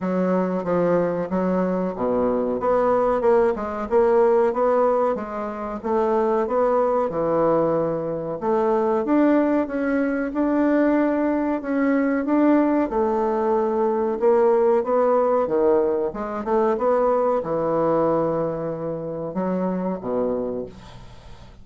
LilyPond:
\new Staff \with { instrumentName = "bassoon" } { \time 4/4 \tempo 4 = 93 fis4 f4 fis4 b,4 | b4 ais8 gis8 ais4 b4 | gis4 a4 b4 e4~ | e4 a4 d'4 cis'4 |
d'2 cis'4 d'4 | a2 ais4 b4 | dis4 gis8 a8 b4 e4~ | e2 fis4 b,4 | }